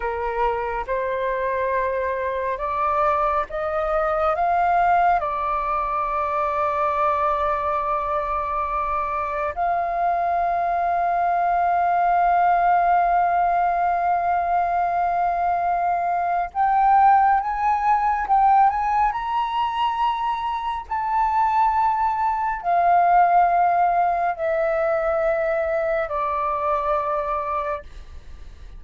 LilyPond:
\new Staff \with { instrumentName = "flute" } { \time 4/4 \tempo 4 = 69 ais'4 c''2 d''4 | dis''4 f''4 d''2~ | d''2. f''4~ | f''1~ |
f''2. g''4 | gis''4 g''8 gis''8 ais''2 | a''2 f''2 | e''2 d''2 | }